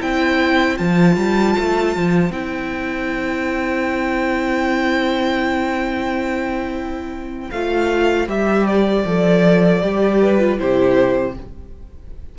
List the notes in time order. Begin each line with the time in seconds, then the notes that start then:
0.00 C4 E4 C5 G5
0.76 F3 F4 A5
1.16 G3
1.59 A3
1.96 F3
2.30 C4 E4 G5
7.51 A3 F4 F5
8.27 G3 G4 E5
8.66 D5
9.05 F3 A4
9.82 G3 G4
10.21 B4
10.39 F4
10.57 C3 E4 G4 C5